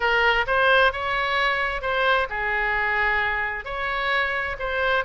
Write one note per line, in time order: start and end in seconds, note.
0.00 0.45 A#4
0.46 0.92 C5
0.92 1.81 C#5
1.81 2.27 C5
2.29 3.65 G#4
3.65 4.56 C#5
4.59 5.04 C5